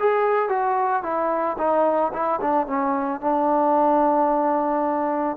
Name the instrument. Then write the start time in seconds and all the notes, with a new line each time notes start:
trombone
0.00 G#4
0.49 F#4
1.03 E4
1.58 D#4
2.14 E4
2.42 D4
2.67 C#4
3.21 D4